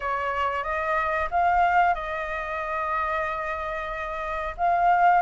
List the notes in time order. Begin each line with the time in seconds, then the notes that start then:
0.00 C#5
0.63 D#5
1.30 F5
1.94 D#5
4.57 F5